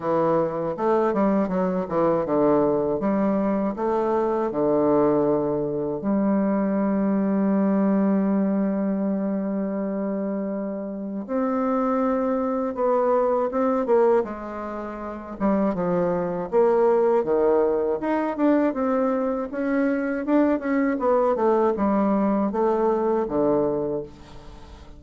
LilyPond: \new Staff \with { instrumentName = "bassoon" } { \time 4/4 \tempo 4 = 80 e4 a8 g8 fis8 e8 d4 | g4 a4 d2 | g1~ | g2. c'4~ |
c'4 b4 c'8 ais8 gis4~ | gis8 g8 f4 ais4 dis4 | dis'8 d'8 c'4 cis'4 d'8 cis'8 | b8 a8 g4 a4 d4 | }